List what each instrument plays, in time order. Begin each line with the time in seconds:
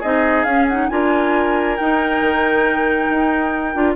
0.00 bassoon C4, clarinet D#4, oboe G#4, flute D#5
0.44 bassoon C#4, clarinet C#4, flute F5
0.69 clarinet D#4, flute F#5
0.89 bassoon D4, clarinet F4, oboe A#4, flute G#5
1.76 bassoon D#4, clarinet D#4, flute G5
2.21 bassoon D#3
3.10 bassoon D#4
3.75 bassoon D4, clarinet F4